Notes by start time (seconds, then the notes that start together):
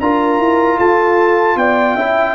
0.00 D4 F4 A#4 A#5
0.38 E4
0.78 F4 A4 A5
1.56 B3 D5 G5
1.95 C#4 E4 E5